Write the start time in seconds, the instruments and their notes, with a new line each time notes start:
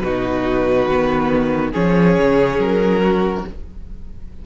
0.00 cello B2, viola D#4, violin F#4 B4
0.87 cello D#3, viola B3
1.72 cello F3, viola C#4, violin G#4 C#5
2.19 cello C#3
2.59 cello F#3, violin A#4
3.04 violin F#4